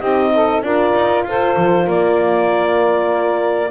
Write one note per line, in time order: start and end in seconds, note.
0.00 0.62 C4
0.00 0.64 D#4
0.00 0.31 G4
0.00 0.62 D#5
0.35 0.64 A4
0.62 0.93 D4
0.62 3.72 F4
0.62 1.26 A#4
0.62 1.25 D5
0.95 1.25 D#4
1.25 1.56 F4
1.25 1.85 A4
1.25 1.89 C5
1.57 1.87 F3
1.85 3.72 A#3
1.85 3.71 A#4
1.85 3.72 D5